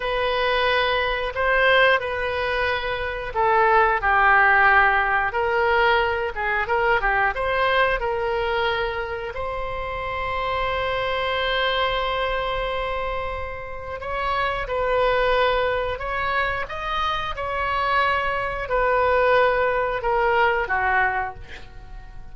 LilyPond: \new Staff \with { instrumentName = "oboe" } { \time 4/4 \tempo 4 = 90 b'2 c''4 b'4~ | b'4 a'4 g'2 | ais'4. gis'8 ais'8 g'8 c''4 | ais'2 c''2~ |
c''1~ | c''4 cis''4 b'2 | cis''4 dis''4 cis''2 | b'2 ais'4 fis'4 | }